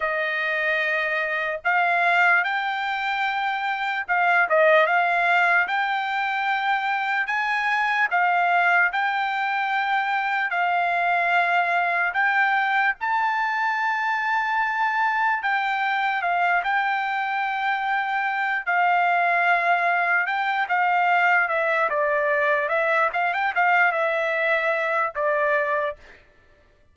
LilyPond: \new Staff \with { instrumentName = "trumpet" } { \time 4/4 \tempo 4 = 74 dis''2 f''4 g''4~ | g''4 f''8 dis''8 f''4 g''4~ | g''4 gis''4 f''4 g''4~ | g''4 f''2 g''4 |
a''2. g''4 | f''8 g''2~ g''8 f''4~ | f''4 g''8 f''4 e''8 d''4 | e''8 f''16 g''16 f''8 e''4. d''4 | }